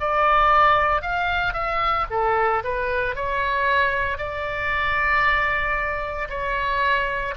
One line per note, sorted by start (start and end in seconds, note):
0.00 1.02 D5
1.02 1.54 F5
1.54 2.07 E5
2.11 2.63 A4
2.64 3.16 B4
3.16 4.18 C#5
4.18 6.29 D5
6.30 7.35 C#5